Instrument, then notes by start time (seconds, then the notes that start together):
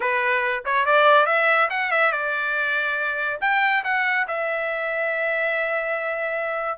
trumpet
0.00 B4
0.65 C#5
0.85 D5
1.26 E5
1.70 F#5
1.91 E5
2.12 D5
3.40 G5
3.84 F#5
4.27 E5